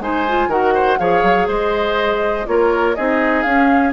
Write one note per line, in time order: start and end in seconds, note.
0.00 0.48 G#3
0.00 0.27 D#4
0.00 0.50 C5
0.00 0.52 G#5
0.29 0.51 F4
0.48 0.97 D#3
0.48 1.00 F#4
0.48 0.74 A#4
0.48 0.99 F#5
0.75 0.99 C5
0.99 1.24 F3
0.99 2.47 G#4
0.99 1.48 C#5
0.99 1.48 F5
1.24 1.48 F#3
1.48 2.47 G#3
1.48 2.47 C5
1.48 2.48 D#5
2.47 2.97 A#3
2.47 2.96 F4
2.47 2.97 A#4
2.47 2.96 C#5
2.96 3.45 C4
2.96 3.47 D#4
2.96 3.94 G#4
2.96 3.43 D#5
3.43 3.94 C#4
3.43 3.92 F5